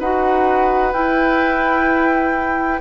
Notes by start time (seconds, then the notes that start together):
0.00 D#4 F#4 B4 F#5
0.93 E4 G5